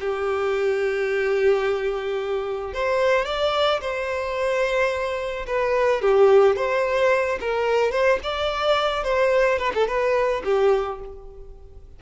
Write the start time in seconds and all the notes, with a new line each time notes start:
0.00 G4
2.74 C5
3.25 D5
3.81 C5
5.47 B4
6.02 G4
6.56 C5
7.41 A#4
7.92 C5
8.23 D5
9.04 C5
9.59 B4
9.74 A4
9.88 B4
10.45 G4